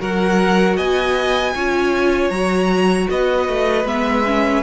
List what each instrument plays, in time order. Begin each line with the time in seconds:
0.00 cello F#3, viola F#4, violin A#4 F#5
0.77 cello B3, violin D#5 G#5
1.55 cello C#4, viola F4, violin C#5
2.30 cello F#3, viola F#4, violin A#5
3.10 cello B3, violin B4 D#5
3.48 cello A3
3.85 cello G#3, viola B3, violin E5
4.26 viola C#4